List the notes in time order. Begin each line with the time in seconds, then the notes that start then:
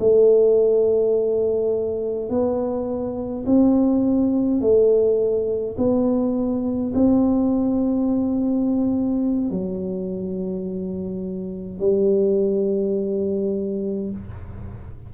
0.00 A3
2.30 B3
3.46 C4
4.61 A3
5.78 B3
6.94 C4
9.50 F#3
11.80 G3